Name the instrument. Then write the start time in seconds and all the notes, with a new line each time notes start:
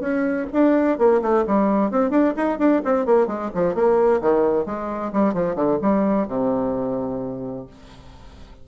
bassoon
0.00 C#4
0.52 D4
0.98 A#3
1.21 A3
1.47 G3
1.91 C4
2.10 D4
2.36 D#4
2.58 D4
2.84 C4
3.06 A#3
3.27 G#3
3.55 F3
3.75 A#3
4.21 D#3
4.66 G#3
5.12 G3
5.34 F3
5.55 D3
5.82 G3
6.28 C3